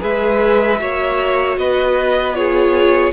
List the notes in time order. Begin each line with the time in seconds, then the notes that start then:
0.00 G#3 G#4 B4 E5
0.80 A#3 F#4 C#5
1.57 B3 B4 D#5
2.34 F4 G#4 C#5